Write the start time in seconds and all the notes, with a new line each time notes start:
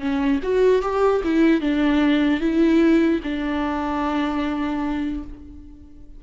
0.00 C#4
0.43 F#4
0.82 G4
1.24 E4
1.61 D4
2.41 E4
3.23 D4